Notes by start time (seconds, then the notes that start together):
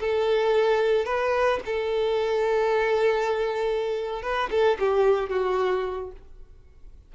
0.00 A4
1.05 B4
1.66 A4
4.22 B4
4.51 A4
4.79 G4
5.29 F#4